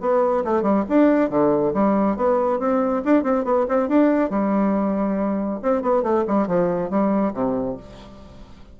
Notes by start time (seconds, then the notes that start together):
0.00 B3
0.44 A3
0.62 G3
0.88 D4
1.29 D3
1.73 G3
2.16 B3
2.59 C4
3.05 D4
3.23 C4
3.44 B3
3.68 C4
3.88 D4
4.30 G3
5.62 C4
5.82 B3
6.03 A3
6.27 G3
6.47 F3
6.90 G3
7.33 C3